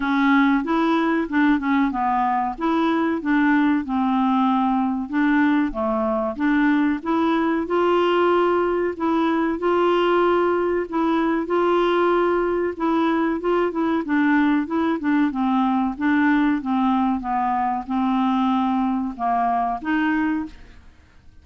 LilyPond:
\new Staff \with { instrumentName = "clarinet" } { \time 4/4 \tempo 4 = 94 cis'4 e'4 d'8 cis'8 b4 | e'4 d'4 c'2 | d'4 a4 d'4 e'4 | f'2 e'4 f'4~ |
f'4 e'4 f'2 | e'4 f'8 e'8 d'4 e'8 d'8 | c'4 d'4 c'4 b4 | c'2 ais4 dis'4 | }